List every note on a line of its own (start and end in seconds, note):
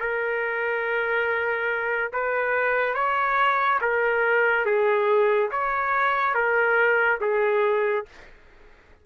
0.00 2.11 A#4
2.13 2.95 B4
2.95 3.79 C#5
3.81 4.66 A#4
4.66 5.50 G#4
5.51 6.35 C#5
6.35 7.19 A#4
7.21 8.06 G#4